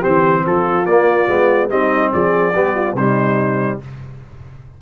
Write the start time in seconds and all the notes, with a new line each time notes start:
0.00 C4 G4 C5
0.06 E3
0.46 F3 F4 A4
0.86 A#3 D5
1.28 G#3 B3
1.69 G3 C4 D#4 D#5
2.12 F3 G#4 D5
2.54 G3 B3 G4
2.75 F4
2.94 C3 G3 D#4 C5